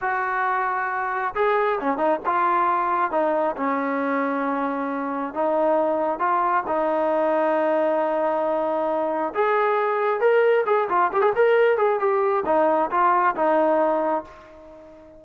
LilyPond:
\new Staff \with { instrumentName = "trombone" } { \time 4/4 \tempo 4 = 135 fis'2. gis'4 | cis'8 dis'8 f'2 dis'4 | cis'1 | dis'2 f'4 dis'4~ |
dis'1~ | dis'4 gis'2 ais'4 | gis'8 f'8 g'16 gis'16 ais'4 gis'8 g'4 | dis'4 f'4 dis'2 | }